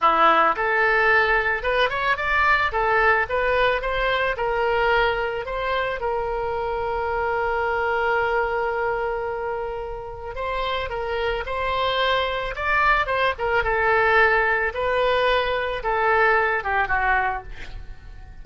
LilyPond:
\new Staff \with { instrumentName = "oboe" } { \time 4/4 \tempo 4 = 110 e'4 a'2 b'8 cis''8 | d''4 a'4 b'4 c''4 | ais'2 c''4 ais'4~ | ais'1~ |
ais'2. c''4 | ais'4 c''2 d''4 | c''8 ais'8 a'2 b'4~ | b'4 a'4. g'8 fis'4 | }